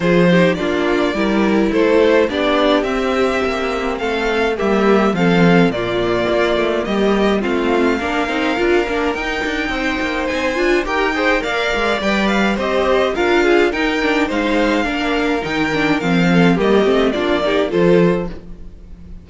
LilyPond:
<<
  \new Staff \with { instrumentName = "violin" } { \time 4/4 \tempo 4 = 105 c''4 d''2 c''4 | d''4 e''2 f''4 | e''4 f''4 d''2 | dis''4 f''2. |
g''2 gis''4 g''4 | f''4 g''8 f''8 dis''4 f''4 | g''4 f''2 g''4 | f''4 dis''4 d''4 c''4 | }
  \new Staff \with { instrumentName = "violin" } { \time 4/4 gis'8 g'8 f'4 ais'4 a'4 | g'2. a'4 | g'4 a'4 f'2 | g'4 f'4 ais'2~ |
ais'4 c''2 ais'8 c''8 | d''2 c''4 ais'8 gis'8 | ais'4 c''4 ais'2~ | ais'8 a'8 g'4 f'8 g'8 a'4 | }
  \new Staff \with { instrumentName = "viola" } { \time 4/4 f'8 dis'8 d'4 e'2 | d'4 c'2. | ais4 c'4 ais2~ | ais4 c'4 d'8 dis'8 f'8 d'8 |
dis'2~ dis'8 f'8 g'8 gis'8 | ais'4 b'4 g'4 f'4 | dis'8 d'8 dis'4 d'4 dis'8 d'8 | c'4 ais8 c'8 d'8 dis'8 f'4 | }
  \new Staff \with { instrumentName = "cello" } { \time 4/4 f4 ais4 g4 a4 | b4 c'4 ais4 a4 | g4 f4 ais,4 ais8 a8 | g4 a4 ais8 c'8 d'8 ais8 |
dis'8 d'8 c'8 ais8 c'8 d'8 dis'4 | ais8 gis8 g4 c'4 d'4 | dis'4 gis4 ais4 dis4 | f4 g8 a8 ais4 f4 | }
>>